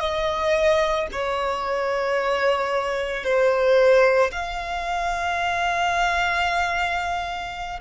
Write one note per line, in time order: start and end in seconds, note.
0.00 1.07 D#5
1.12 3.24 C#5
3.24 4.31 C5
4.31 7.80 F5